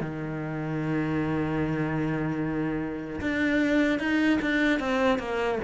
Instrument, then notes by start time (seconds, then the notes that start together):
cello
0.00 D#3
3.20 D4
3.99 D#4
4.41 D4
4.79 C4
5.18 A#3